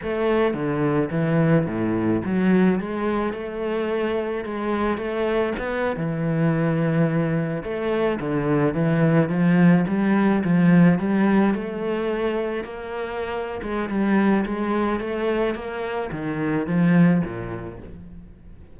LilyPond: \new Staff \with { instrumentName = "cello" } { \time 4/4 \tempo 4 = 108 a4 d4 e4 a,4 | fis4 gis4 a2 | gis4 a4 b8. e4~ e16~ | e4.~ e16 a4 d4 e16~ |
e8. f4 g4 f4 g16~ | g8. a2 ais4~ ais16~ | ais8 gis8 g4 gis4 a4 | ais4 dis4 f4 ais,4 | }